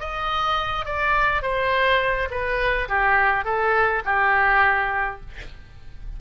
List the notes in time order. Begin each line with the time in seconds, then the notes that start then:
0.00 D#5
0.86 D5
1.42 C5
2.31 B4
2.88 G4
3.45 A4
4.05 G4